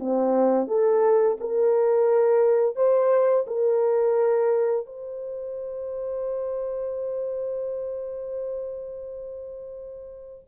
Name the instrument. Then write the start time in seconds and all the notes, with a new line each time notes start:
horn
0.00 C4
0.68 A4
1.41 A#4
2.76 C5
3.48 A#4
4.86 C5